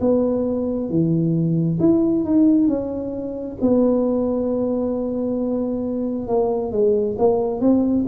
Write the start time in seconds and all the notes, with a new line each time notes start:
0.00 B3
0.90 E3
1.80 E4
2.24 D#4
2.67 C#4
3.61 B3
6.27 A#3
6.72 G#3
7.18 A#3
7.60 C4